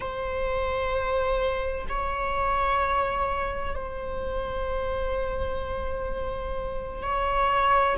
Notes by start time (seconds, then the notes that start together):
0.00 C5
1.88 C#5
3.75 C5
7.03 C#5